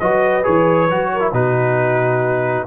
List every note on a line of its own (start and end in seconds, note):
0.00 0.46 F#3
0.00 0.44 F#4
0.00 1.13 B4
0.00 0.45 D#5
0.44 0.90 E3
0.44 0.88 G#4
0.44 1.34 C#5
0.90 1.33 F#3
0.90 1.21 F#4
1.14 1.34 A#4
1.21 1.32 E4
1.33 2.67 B2
1.33 2.67 D#4
1.33 2.67 F#4
1.33 2.67 B4